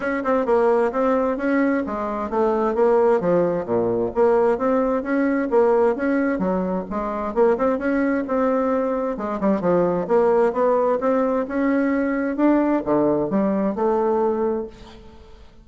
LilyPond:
\new Staff \with { instrumentName = "bassoon" } { \time 4/4 \tempo 4 = 131 cis'8 c'8 ais4 c'4 cis'4 | gis4 a4 ais4 f4 | ais,4 ais4 c'4 cis'4 | ais4 cis'4 fis4 gis4 |
ais8 c'8 cis'4 c'2 | gis8 g8 f4 ais4 b4 | c'4 cis'2 d'4 | d4 g4 a2 | }